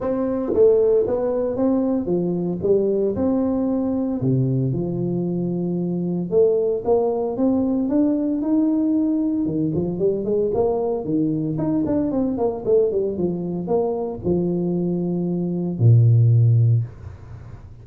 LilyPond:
\new Staff \with { instrumentName = "tuba" } { \time 4/4 \tempo 4 = 114 c'4 a4 b4 c'4 | f4 g4 c'2 | c4 f2. | a4 ais4 c'4 d'4 |
dis'2 dis8 f8 g8 gis8 | ais4 dis4 dis'8 d'8 c'8 ais8 | a8 g8 f4 ais4 f4~ | f2 ais,2 | }